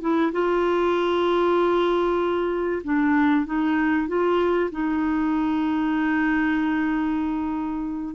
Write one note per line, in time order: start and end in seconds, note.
0.00 0.31 E4
0.32 2.82 F4
2.84 3.45 D4
3.45 4.07 D#4
4.07 4.70 F4
4.71 8.15 D#4